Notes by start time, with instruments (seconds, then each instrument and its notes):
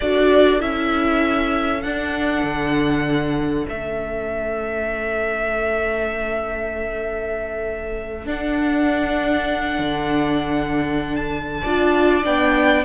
0.00 cello D4, viola F#4, violin A4 D5
0.59 cello C#4, viola E4, violin E5
1.82 cello D4, viola D4, violin F#5
2.43 cello D3
3.68 cello A3, viola C#4, violin E5
8.25 viola D4, cello D4, violin F#5
9.78 cello D3
11.16 violin A5
11.61 cello D4, viola F4, violin D5
12.23 cello B3, viola D4, violin G5